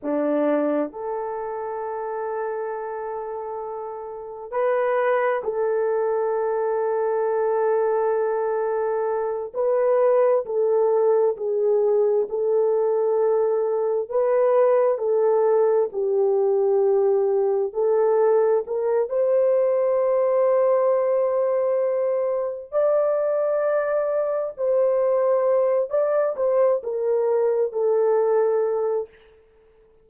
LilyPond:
\new Staff \with { instrumentName = "horn" } { \time 4/4 \tempo 4 = 66 d'4 a'2.~ | a'4 b'4 a'2~ | a'2~ a'8 b'4 a'8~ | a'8 gis'4 a'2 b'8~ |
b'8 a'4 g'2 a'8~ | a'8 ais'8 c''2.~ | c''4 d''2 c''4~ | c''8 d''8 c''8 ais'4 a'4. | }